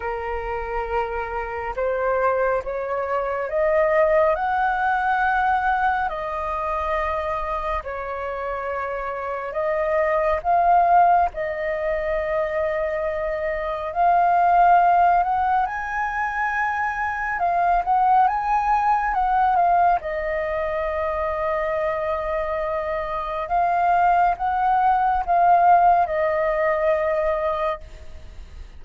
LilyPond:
\new Staff \with { instrumentName = "flute" } { \time 4/4 \tempo 4 = 69 ais'2 c''4 cis''4 | dis''4 fis''2 dis''4~ | dis''4 cis''2 dis''4 | f''4 dis''2. |
f''4. fis''8 gis''2 | f''8 fis''8 gis''4 fis''8 f''8 dis''4~ | dis''2. f''4 | fis''4 f''4 dis''2 | }